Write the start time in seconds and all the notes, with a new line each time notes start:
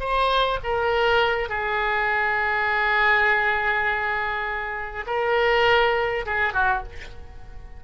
0.00 C5
0.64 A#4
1.49 G#4
5.07 A#4
6.26 G#4
6.54 F#4